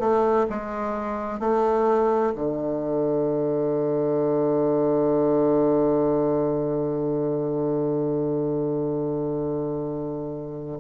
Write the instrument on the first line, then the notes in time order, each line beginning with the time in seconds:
bassoon
0.00 A3
0.50 G#3
1.40 A3
2.35 D3